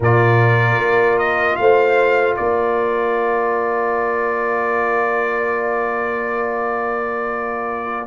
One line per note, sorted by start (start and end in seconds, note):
0.00 0.77 A#2
0.00 8.06 F4
0.00 1.57 A#4
0.00 1.18 D5
0.77 1.56 A#3
1.18 1.56 D#5
1.56 2.37 A3
1.56 2.39 C5
1.56 2.35 F5
2.36 8.06 A#3
2.36 8.06 A#4
2.36 8.06 D5